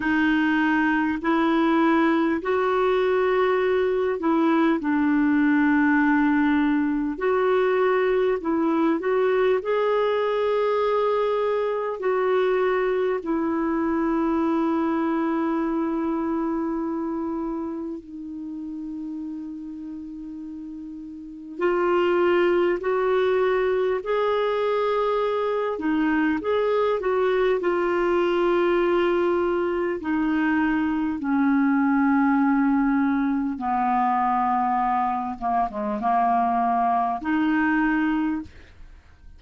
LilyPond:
\new Staff \with { instrumentName = "clarinet" } { \time 4/4 \tempo 4 = 50 dis'4 e'4 fis'4. e'8 | d'2 fis'4 e'8 fis'8 | gis'2 fis'4 e'4~ | e'2. dis'4~ |
dis'2 f'4 fis'4 | gis'4. dis'8 gis'8 fis'8 f'4~ | f'4 dis'4 cis'2 | b4. ais16 gis16 ais4 dis'4 | }